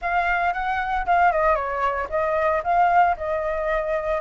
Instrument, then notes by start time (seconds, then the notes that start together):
flute
0.01 F5
0.53 F#5
1.06 F5
1.32 D#5
1.55 C#5
2.09 D#5
2.63 F5
3.16 D#5